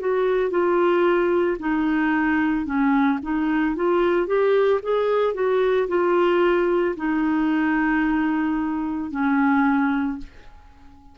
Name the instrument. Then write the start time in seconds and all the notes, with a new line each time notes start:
clarinet
0.00 F#4
0.51 F4
1.60 D#4
2.66 C#4
3.23 D#4
3.76 F4
4.27 G4
4.83 G#4
5.34 F#4
5.88 F4
6.97 D#4
9.11 C#4